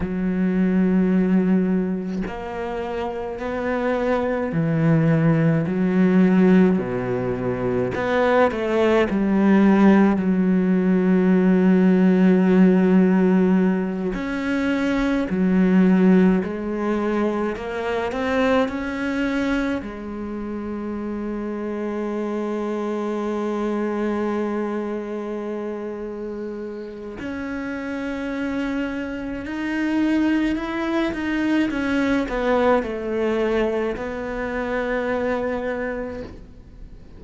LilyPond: \new Staff \with { instrumentName = "cello" } { \time 4/4 \tempo 4 = 53 fis2 ais4 b4 | e4 fis4 b,4 b8 a8 | g4 fis2.~ | fis8 cis'4 fis4 gis4 ais8 |
c'8 cis'4 gis2~ gis8~ | gis1 | cis'2 dis'4 e'8 dis'8 | cis'8 b8 a4 b2 | }